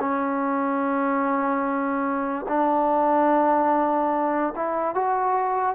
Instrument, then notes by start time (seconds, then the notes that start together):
trombone
0.00 C#4
2.49 D4
4.56 E4
4.95 F#4